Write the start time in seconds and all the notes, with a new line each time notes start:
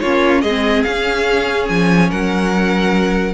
0.00 A#3 C#4 F4 C#5
0.41 G#3 G#4 D#5
0.49 C4
0.83 C#4 F5
1.69 F3 G#5
2.10 F#3 A#4 F#5